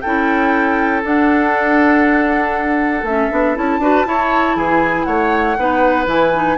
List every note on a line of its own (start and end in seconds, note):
0.00 1.03 C#4
0.00 1.02 E4
0.00 3.80 A4
0.00 1.01 G5
1.02 3.04 D4
1.02 3.02 D4
1.02 3.05 F#5
3.02 3.28 A3
3.02 3.31 C#4
3.02 3.55 E5
3.31 3.56 B3
3.31 3.55 D4
3.55 3.78 C#4
3.55 3.80 E4
3.55 4.57 A5
3.78 4.03 D4
3.78 4.05 F#4
3.78 4.06 B4
4.05 5.56 E4
4.05 4.55 E4
4.05 4.56 C#5
4.55 5.06 E3
4.55 5.06 G#4
4.55 5.04 G#5
5.04 5.57 A3
5.04 5.56 C#5
5.04 6.05 F#5
5.57 6.06 B3
5.57 6.06 D#4
5.57 6.57 B4
6.06 6.56 E3
6.06 6.31 E4
6.06 6.57 G#5
6.34 6.57 D#4